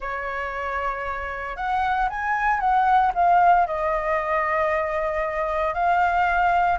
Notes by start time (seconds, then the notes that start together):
0.00 C#5
1.56 F#5
2.09 G#5
2.59 F#5
3.14 F5
3.66 D#5
5.73 F5